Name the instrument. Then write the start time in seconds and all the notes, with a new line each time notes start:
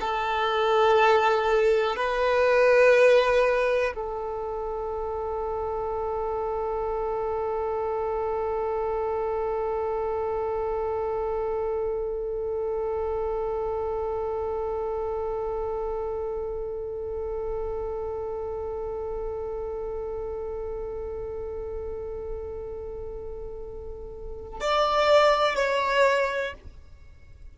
violin
0.00 A4
1.96 B4
3.95 A4
24.60 D5
25.55 C#5